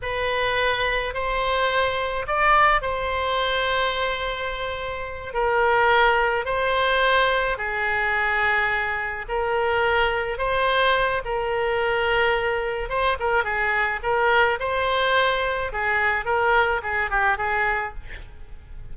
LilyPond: \new Staff \with { instrumentName = "oboe" } { \time 4/4 \tempo 4 = 107 b'2 c''2 | d''4 c''2.~ | c''4. ais'2 c''8~ | c''4. gis'2~ gis'8~ |
gis'8 ais'2 c''4. | ais'2. c''8 ais'8 | gis'4 ais'4 c''2 | gis'4 ais'4 gis'8 g'8 gis'4 | }